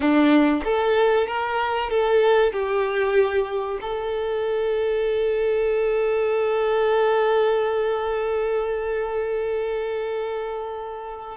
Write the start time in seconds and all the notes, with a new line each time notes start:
0.00 D4
0.64 A4
1.27 A#4
1.89 A4
2.53 G4
3.81 A4